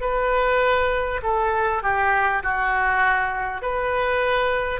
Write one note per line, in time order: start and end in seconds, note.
0.00 1.20 B4
1.22 1.82 A4
1.82 2.42 G4
2.43 3.62 F#4
3.62 4.80 B4